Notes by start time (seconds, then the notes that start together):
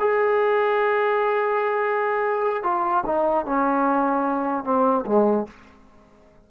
0.00 G#4
2.63 F4
3.06 D#4
3.46 C#4
4.64 C4
5.06 G#3